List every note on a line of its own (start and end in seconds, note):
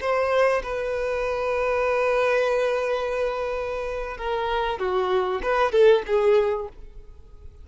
0.00 0.62 C5
0.63 4.17 B4
4.17 4.79 A#4
4.79 5.40 F#4
5.42 5.72 B4
5.72 6.03 A4
6.06 6.68 G#4